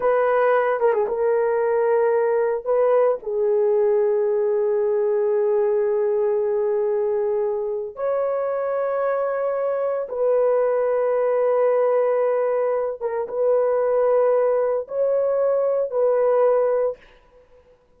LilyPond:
\new Staff \with { instrumentName = "horn" } { \time 4/4 \tempo 4 = 113 b'4. ais'16 gis'16 ais'2~ | ais'4 b'4 gis'2~ | gis'1~ | gis'2. cis''4~ |
cis''2. b'4~ | b'1~ | b'8 ais'8 b'2. | cis''2 b'2 | }